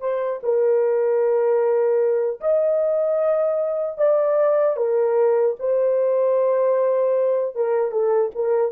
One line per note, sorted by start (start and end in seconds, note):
0.00 0.39 C5
0.43 2.40 A#4
2.40 3.97 D#5
3.97 4.76 D5
4.77 5.56 A#4
5.59 7.55 C5
7.55 7.91 A#4
7.91 8.30 A4
8.35 8.72 A#4